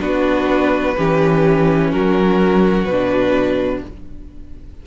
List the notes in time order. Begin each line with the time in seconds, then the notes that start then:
0.00 B3 D4 F#4 B4
0.97 E3 C#4 G4
1.91 F#3 F#4 A#4
2.85 B2 B4
2.91 D4